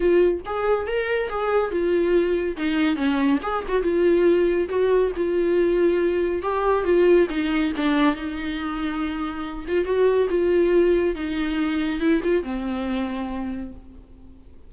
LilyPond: \new Staff \with { instrumentName = "viola" } { \time 4/4 \tempo 4 = 140 f'4 gis'4 ais'4 gis'4 | f'2 dis'4 cis'4 | gis'8 fis'8 f'2 fis'4 | f'2. g'4 |
f'4 dis'4 d'4 dis'4~ | dis'2~ dis'8 f'8 fis'4 | f'2 dis'2 | e'8 f'8 c'2. | }